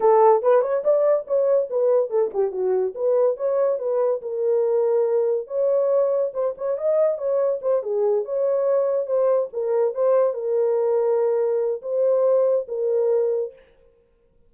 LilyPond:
\new Staff \with { instrumentName = "horn" } { \time 4/4 \tempo 4 = 142 a'4 b'8 cis''8 d''4 cis''4 | b'4 a'8 g'8 fis'4 b'4 | cis''4 b'4 ais'2~ | ais'4 cis''2 c''8 cis''8 |
dis''4 cis''4 c''8 gis'4 cis''8~ | cis''4. c''4 ais'4 c''8~ | c''8 ais'2.~ ais'8 | c''2 ais'2 | }